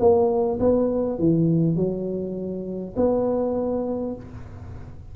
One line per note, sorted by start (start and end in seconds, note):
0.00 0.59 A#3
0.60 1.19 B3
1.19 1.77 E3
1.77 2.95 F#3
2.97 4.16 B3